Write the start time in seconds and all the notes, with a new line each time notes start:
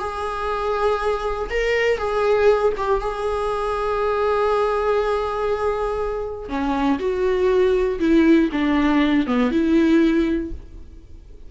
0.00 G#4
1.50 A#4
1.98 G#4
2.77 G4
3.01 G#4
6.49 C#4
7.00 F#4
8.00 E4
8.52 D4
9.28 B3
9.52 E4